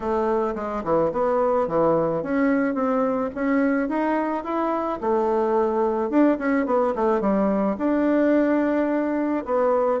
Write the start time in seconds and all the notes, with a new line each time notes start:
0.00 A3
0.55 G#3
0.83 E3
1.12 B3
1.67 E3
2.22 C#4
2.74 C4
3.34 C#4
3.88 D#4
4.44 E4
5.01 A3
6.10 D4
6.38 C#4
6.66 B3
6.95 A3
7.20 G3
7.78 D4
9.45 B3